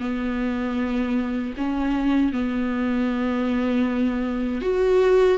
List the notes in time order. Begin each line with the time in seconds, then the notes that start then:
0.00 B3
1.58 C#4
2.33 B3
4.62 F#4